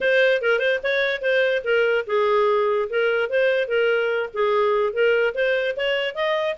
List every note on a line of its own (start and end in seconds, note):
0.00 0.41 C5
0.41 0.59 A#4
0.59 0.79 C5
0.83 1.21 C#5
1.21 1.62 C5
1.64 2.05 A#4
2.06 2.89 G#4
2.89 3.29 A#4
3.29 3.68 C5
3.68 4.29 A#4
4.33 4.93 G#4
4.93 5.34 A#4
5.34 5.75 C5
5.76 6.14 C#5
6.14 6.55 D#5